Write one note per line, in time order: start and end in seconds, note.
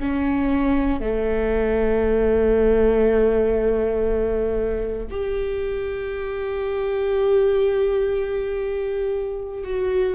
0.00 1.01 C#4
1.01 5.08 A3
5.10 9.64 G4
9.64 10.15 F#4